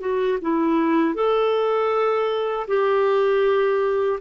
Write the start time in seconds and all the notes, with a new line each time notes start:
0.00 F#4
0.41 E4
1.15 A4
2.68 G4